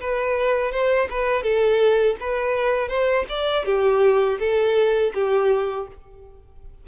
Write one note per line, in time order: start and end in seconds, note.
0.00 0.72 B4
0.72 1.08 C5
1.10 1.43 B4
1.43 2.16 A4
2.20 2.88 B4
2.88 3.25 C5
3.29 3.65 D5
3.65 4.38 G4
4.39 5.13 A4
5.14 5.87 G4